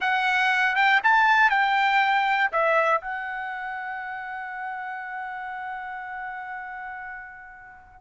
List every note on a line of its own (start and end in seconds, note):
0.00 0.75 F#5
0.75 1.00 G5
1.03 1.50 A5
1.50 2.50 G5
2.52 3.01 E5
3.01 8.01 F#5